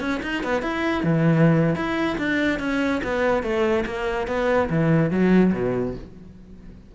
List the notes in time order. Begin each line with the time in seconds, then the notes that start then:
0.00 C#4
0.23 D#4
0.44 B3
0.62 E4
1.03 E3
1.75 E4
2.18 D4
2.59 C#4
3.03 B3
3.43 A3
3.86 A#3
4.27 B3
4.70 E3
5.11 F#3
5.53 B2